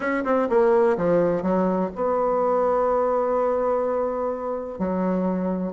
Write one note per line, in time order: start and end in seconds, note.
0.00 0.24 C#4
0.24 0.48 C4
0.49 0.96 A#3
0.97 1.42 F3
1.42 1.90 F#3
1.95 4.78 B3
4.78 5.72 F#3